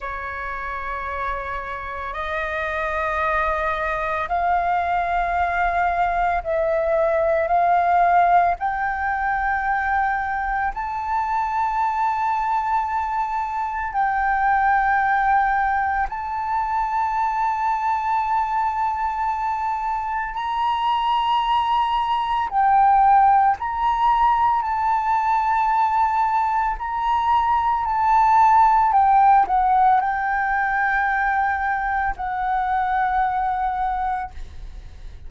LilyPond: \new Staff \with { instrumentName = "flute" } { \time 4/4 \tempo 4 = 56 cis''2 dis''2 | f''2 e''4 f''4 | g''2 a''2~ | a''4 g''2 a''4~ |
a''2. ais''4~ | ais''4 g''4 ais''4 a''4~ | a''4 ais''4 a''4 g''8 fis''8 | g''2 fis''2 | }